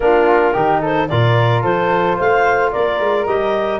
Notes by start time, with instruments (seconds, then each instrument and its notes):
0.00 tuba A#3, trombone D4, flute F4, clarinet A#4
0.53 tuba D#3, trombone D#4, flute G4
0.81 flute A4, clarinet C5
1.08 tuba A#2, trombone F4, flute A#4, clarinet D5
1.62 tuba F3, flute A4, clarinet C5
2.15 tuba A3, flute C5, clarinet F5
2.71 tuba A#3, flute A#4, clarinet D5
2.99 tuba G#3
3.26 tuba G3, trombone G4, clarinet D#5